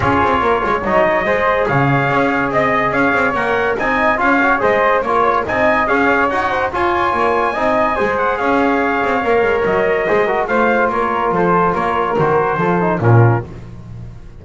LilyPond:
<<
  \new Staff \with { instrumentName = "trumpet" } { \time 4/4 \tempo 4 = 143 cis''2 dis''2 | f''2 dis''4 f''4 | fis''4 gis''4 f''4 dis''4 | cis''4 gis''4 f''4 fis''4 |
gis''2.~ gis''8 fis''8 | f''2. dis''4~ | dis''4 f''4 cis''4 c''4 | cis''4 c''2 ais'4 | }
  \new Staff \with { instrumentName = "flute" } { \time 4/4 gis'4 ais'8 cis''4. c''4 | cis''2 dis''4 cis''4~ | cis''4 dis''4 cis''4 c''4 | cis''4 dis''4 cis''4. c''8 |
cis''2 dis''4 c''4 | cis''1 | c''8 ais'8 c''4 ais'4 a'4 | ais'2 a'4 f'4 | }
  \new Staff \with { instrumentName = "trombone" } { \time 4/4 f'2 dis'4 gis'4~ | gis'1 | ais'4 dis'4 f'8 fis'8 gis'4 | f'4 dis'4 gis'4 fis'4 |
f'2 dis'4 gis'4~ | gis'2 ais'2 | gis'8 fis'8 f'2.~ | f'4 fis'4 f'8 dis'8 cis'4 | }
  \new Staff \with { instrumentName = "double bass" } { \time 4/4 cis'8 c'8 ais8 gis8 fis4 gis4 | cis4 cis'4 c'4 cis'8 c'8 | ais4 c'4 cis'4 gis4 | ais4 c'4 cis'4 dis'4 |
f'4 ais4 c'4 gis4 | cis'4. c'8 ais8 gis8 fis4 | gis4 a4 ais4 f4 | ais4 dis4 f4 ais,4 | }
>>